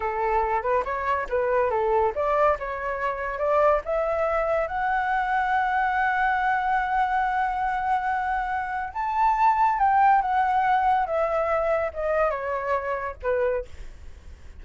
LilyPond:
\new Staff \with { instrumentName = "flute" } { \time 4/4 \tempo 4 = 141 a'4. b'8 cis''4 b'4 | a'4 d''4 cis''2 | d''4 e''2 fis''4~ | fis''1~ |
fis''1~ | fis''4 a''2 g''4 | fis''2 e''2 | dis''4 cis''2 b'4 | }